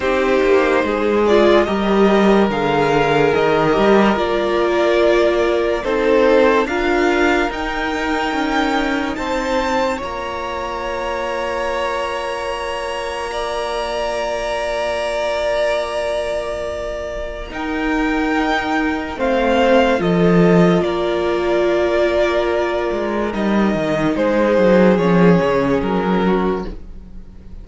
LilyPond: <<
  \new Staff \with { instrumentName = "violin" } { \time 4/4 \tempo 4 = 72 c''4. d''8 dis''4 f''4 | dis''4 d''2 c''4 | f''4 g''2 a''4 | ais''1~ |
ais''1~ | ais''4 g''2 f''4 | dis''4 d''2. | dis''4 c''4 cis''4 ais'4 | }
  \new Staff \with { instrumentName = "violin" } { \time 4/4 g'4 gis'4 ais'2~ | ais'2. a'4 | ais'2. c''4 | cis''1 |
d''1~ | d''4 ais'2 c''4 | a'4 ais'2.~ | ais'4 gis'2~ gis'8 fis'8 | }
  \new Staff \with { instrumentName = "viola" } { \time 4/4 dis'4. f'8 g'4 gis'4~ | gis'8 g'8 f'2 dis'4 | f'4 dis'2. | f'1~ |
f'1~ | f'4 dis'2 c'4 | f'1 | dis'2 cis'2 | }
  \new Staff \with { instrumentName = "cello" } { \time 4/4 c'8 ais8 gis4 g4 d4 | dis8 g8 ais2 c'4 | d'4 dis'4 cis'4 c'4 | ais1~ |
ais1~ | ais4 dis'2 a4 | f4 ais2~ ais8 gis8 | g8 dis8 gis8 fis8 f8 cis8 fis4 | }
>>